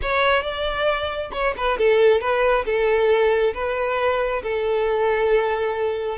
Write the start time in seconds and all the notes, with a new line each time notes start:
0.01 C#5
0.42 D5
1.32 C#5
1.57 B4
1.78 A4
2.20 B4
2.65 A4
3.54 B4
4.42 A4